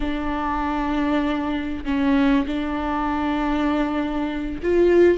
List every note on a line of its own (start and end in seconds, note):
0.00 1.84 D4
1.84 2.45 C#4
2.46 4.61 D4
4.63 5.17 F4